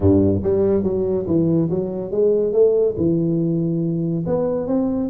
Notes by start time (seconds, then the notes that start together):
0.00 G2
0.43 G3
0.83 F#3
1.26 E3
1.70 F#3
2.11 G#3
2.52 A3
2.97 E3
4.26 B3
4.67 C4